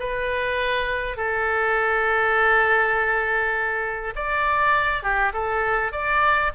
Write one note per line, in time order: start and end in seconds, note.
0.00 1.17 B4
1.17 4.14 A4
4.16 5.03 D5
5.03 5.33 G4
5.34 5.92 A4
5.92 6.52 D5